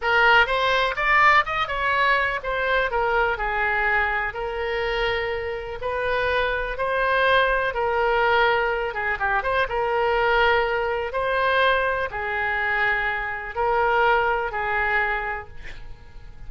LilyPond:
\new Staff \with { instrumentName = "oboe" } { \time 4/4 \tempo 4 = 124 ais'4 c''4 d''4 dis''8 cis''8~ | cis''4 c''4 ais'4 gis'4~ | gis'4 ais'2. | b'2 c''2 |
ais'2~ ais'8 gis'8 g'8 c''8 | ais'2. c''4~ | c''4 gis'2. | ais'2 gis'2 | }